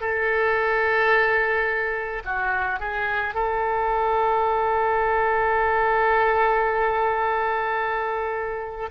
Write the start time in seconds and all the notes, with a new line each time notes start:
0.00 A4
2.24 F#4
2.79 G#4
3.34 A4